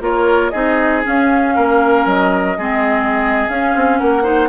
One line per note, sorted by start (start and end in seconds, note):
0.00 0.51 A#3
0.00 0.52 F4
0.00 0.51 A#4
0.00 0.50 C#5
0.50 1.05 C4
0.50 1.03 D#4
0.50 1.54 G#4
0.50 1.01 D#5
1.03 2.57 C#4
1.03 1.57 C#4
1.03 2.08 F5
1.55 2.06 A#3
1.55 2.58 A#4
2.06 2.57 F#3
2.06 3.49 D#5
2.58 3.47 G#3
2.58 3.49 C4
2.58 3.99 G#4
3.49 3.74 C#4
3.49 4.23 C#4
3.49 3.98 F5
3.75 4.00 C4
3.98 4.49 A#3
3.98 4.23 A#4
3.98 4.49 F#5
4.23 4.48 D#4
4.23 4.48 C5